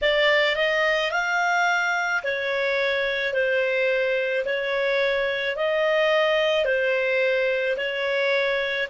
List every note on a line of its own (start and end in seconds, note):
0.01 0.56 D5
0.56 1.11 D#5
1.11 2.22 F5
2.23 3.33 C#5
3.33 4.44 C5
4.45 5.56 C#5
5.56 6.65 D#5
6.65 7.76 C5
7.77 8.88 C#5